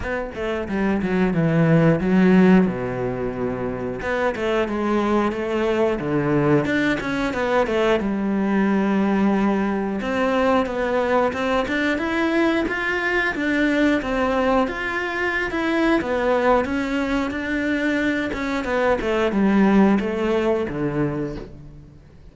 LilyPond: \new Staff \with { instrumentName = "cello" } { \time 4/4 \tempo 4 = 90 b8 a8 g8 fis8 e4 fis4 | b,2 b8 a8 gis4 | a4 d4 d'8 cis'8 b8 a8 | g2. c'4 |
b4 c'8 d'8 e'4 f'4 | d'4 c'4 f'4~ f'16 e'8. | b4 cis'4 d'4. cis'8 | b8 a8 g4 a4 d4 | }